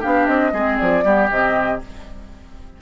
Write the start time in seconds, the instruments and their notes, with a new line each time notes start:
0.00 bassoon B3, clarinet D4, oboe G4, flute F5
0.26 bassoon C4, flute D#5
0.52 bassoon G#3, clarinet C4, oboe G#4
0.78 bassoon F3, flute D5
1.03 bassoon G3, clarinet B3, oboe G4
1.29 bassoon C3, clarinet C4, flute D#5